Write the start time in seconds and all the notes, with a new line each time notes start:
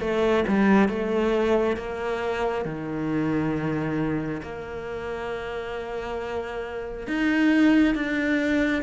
0.00 A3
0.48 G3
0.89 A3
1.76 A#3
2.65 D#3
4.42 A#3
7.07 D#4
7.95 D4